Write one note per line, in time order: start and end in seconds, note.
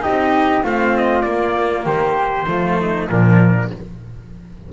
0.00 0.61 D#4
0.00 0.63 G4
0.00 0.64 D#5
0.07 0.63 C4
0.63 1.24 A3
0.63 1.23 C4
0.63 1.84 F4
0.63 0.97 F5
0.97 1.21 D#5
1.21 2.45 A#3
1.21 1.85 A#3
1.21 1.83 D5
1.84 2.47 D#3
1.84 2.46 G4
1.84 3.09 C5
2.47 3.08 F3
2.47 3.08 A3
2.47 2.79 F4
2.79 3.10 D#4
3.09 3.70 A#2
3.09 3.70 F3
3.09 3.73 D4
3.09 3.70 A#4